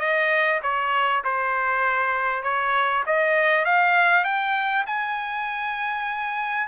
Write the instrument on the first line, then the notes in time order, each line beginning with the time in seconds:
trumpet
0.00 D#5
0.63 C#5
1.24 C5
2.44 C#5
3.06 D#5
3.65 F5
4.25 G5
4.87 G#5